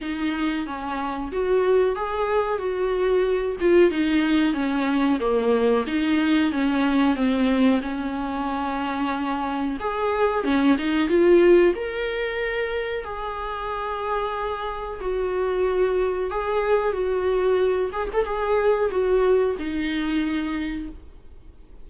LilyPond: \new Staff \with { instrumentName = "viola" } { \time 4/4 \tempo 4 = 92 dis'4 cis'4 fis'4 gis'4 | fis'4. f'8 dis'4 cis'4 | ais4 dis'4 cis'4 c'4 | cis'2. gis'4 |
cis'8 dis'8 f'4 ais'2 | gis'2. fis'4~ | fis'4 gis'4 fis'4. gis'16 a'16 | gis'4 fis'4 dis'2 | }